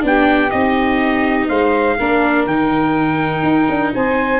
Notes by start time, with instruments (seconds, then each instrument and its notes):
0.00 tuba B3, viola D4, saxophone G4, trumpet G5
0.50 tuba C4, viola D#4, trumpet D#5
1.47 tuba G#3, saxophone C5, trumpet F5
1.98 tuba A#3, viola D4, saxophone A#4
2.46 tuba D#3, viola D#4, trumpet G5
3.42 tuba D#4
3.69 tuba D4
3.94 tuba C4, saxophone C5, trumpet G#5